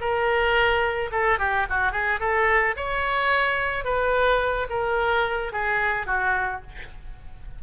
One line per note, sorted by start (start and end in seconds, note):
0.00 1.10 A#4
1.11 1.38 A4
1.38 1.66 G4
1.69 1.92 F#4
1.92 2.19 G#4
2.20 2.75 A4
2.76 3.84 C#5
3.84 4.67 B4
4.69 5.52 A#4
5.52 6.06 G#4
6.06 6.61 F#4